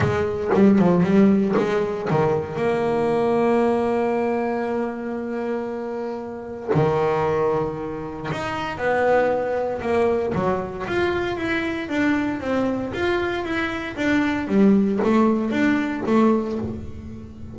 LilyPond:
\new Staff \with { instrumentName = "double bass" } { \time 4/4 \tempo 4 = 116 gis4 g8 f8 g4 gis4 | dis4 ais2.~ | ais1~ | ais4 dis2. |
dis'4 b2 ais4 | fis4 f'4 e'4 d'4 | c'4 f'4 e'4 d'4 | g4 a4 d'4 a4 | }